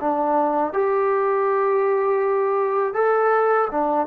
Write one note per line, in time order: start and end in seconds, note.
0.00 0.73 D4
0.73 2.94 G4
2.94 3.68 A4
3.71 4.07 D4